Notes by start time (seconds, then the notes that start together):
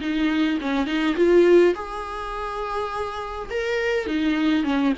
0.00 D#4
0.61 C#4
0.86 D#4
1.16 F4
1.74 G#4
3.50 A#4
4.06 D#4
4.63 C#4